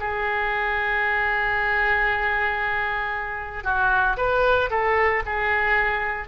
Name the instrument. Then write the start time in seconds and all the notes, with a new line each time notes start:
oboe
0.00 G#4
3.64 F#4
4.17 B4
4.70 A4
5.26 G#4